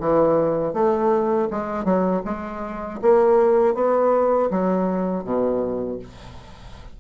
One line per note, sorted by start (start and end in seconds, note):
0.00 0.73 E3
0.73 1.48 A3
1.50 1.85 G#3
1.85 2.22 F#3
2.25 3.00 G#3
3.02 3.75 A#3
3.75 4.50 B3
4.51 5.24 F#3
5.24 5.99 B2